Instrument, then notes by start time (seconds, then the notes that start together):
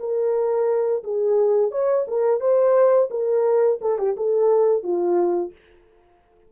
horn
0.00 A#4
1.04 G#4
1.71 C#5
2.08 A#4
2.41 C5
3.11 A#4
3.82 A4
3.99 G4
4.17 A4
4.83 F4